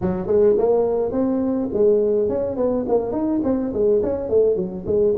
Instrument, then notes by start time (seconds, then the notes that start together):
tuba
0.01 F#3
0.26 G#3
0.58 A#3
1.11 C4
1.73 G#3
2.29 C#4
2.56 B3
2.88 A#3
3.12 D#4
3.43 C4
3.73 G#3
4.02 C#4
4.29 A3
4.56 F#3
4.86 G#3